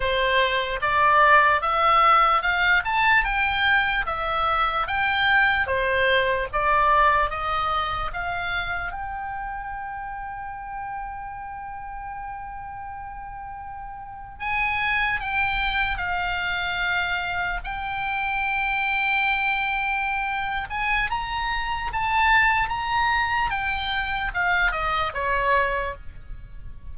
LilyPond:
\new Staff \with { instrumentName = "oboe" } { \time 4/4 \tempo 4 = 74 c''4 d''4 e''4 f''8 a''8 | g''4 e''4 g''4 c''4 | d''4 dis''4 f''4 g''4~ | g''1~ |
g''4.~ g''16 gis''4 g''4 f''16~ | f''4.~ f''16 g''2~ g''16~ | g''4. gis''8 ais''4 a''4 | ais''4 g''4 f''8 dis''8 cis''4 | }